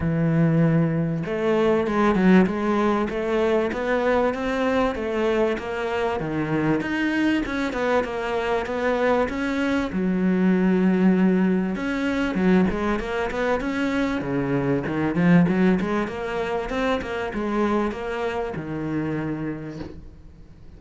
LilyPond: \new Staff \with { instrumentName = "cello" } { \time 4/4 \tempo 4 = 97 e2 a4 gis8 fis8 | gis4 a4 b4 c'4 | a4 ais4 dis4 dis'4 | cis'8 b8 ais4 b4 cis'4 |
fis2. cis'4 | fis8 gis8 ais8 b8 cis'4 cis4 | dis8 f8 fis8 gis8 ais4 c'8 ais8 | gis4 ais4 dis2 | }